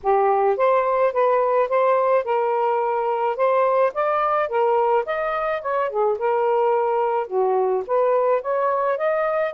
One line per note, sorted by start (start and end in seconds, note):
0.03 0.57 G4
0.57 1.12 C5
1.12 1.68 B4
1.68 2.24 C5
2.24 3.36 A#4
3.36 3.92 C5
3.94 4.48 D5
4.48 5.04 A#4
5.05 5.61 D#5
5.61 5.89 C#5
5.89 6.17 G#4
6.18 7.27 A#4
7.27 7.83 F#4
7.86 8.41 B4
8.41 8.97 C#5
8.97 9.53 D#5